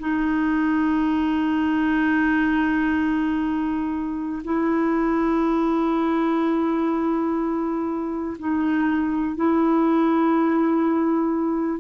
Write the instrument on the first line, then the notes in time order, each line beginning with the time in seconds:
clarinet
0.00 D#4
4.44 E4
8.39 D#4
9.36 E4